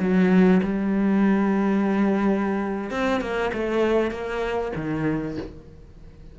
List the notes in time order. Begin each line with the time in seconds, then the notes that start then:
0.00 F#3
0.63 G3
2.91 C4
3.21 A#3
3.54 A3
4.11 A#3
4.76 D#3